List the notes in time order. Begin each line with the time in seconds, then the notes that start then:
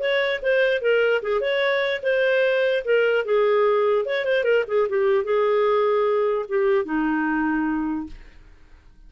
0.00 C#5
0.43 C5
0.82 A#4
1.23 G#4
1.41 C#5
2.03 C5
2.85 A#4
3.25 G#4
4.06 C#5
4.26 C5
4.44 A#4
4.68 G#4
4.89 G4
5.25 G#4
6.49 G4
6.85 D#4